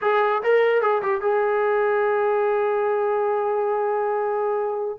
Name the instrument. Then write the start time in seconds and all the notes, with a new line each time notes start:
trombone
0.01 G#4
0.43 A#4
0.81 G#4
1.02 G4
1.21 G#4